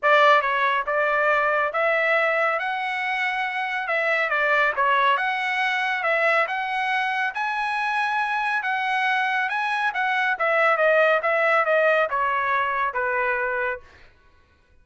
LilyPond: \new Staff \with { instrumentName = "trumpet" } { \time 4/4 \tempo 4 = 139 d''4 cis''4 d''2 | e''2 fis''2~ | fis''4 e''4 d''4 cis''4 | fis''2 e''4 fis''4~ |
fis''4 gis''2. | fis''2 gis''4 fis''4 | e''4 dis''4 e''4 dis''4 | cis''2 b'2 | }